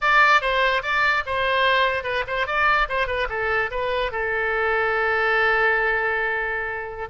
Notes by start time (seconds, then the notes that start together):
0.01 D5
0.41 C5
0.82 D5
1.26 C5
2.03 B4
2.27 C5
2.47 D5
2.88 C5
3.07 B4
3.29 A4
3.70 B4
4.11 A4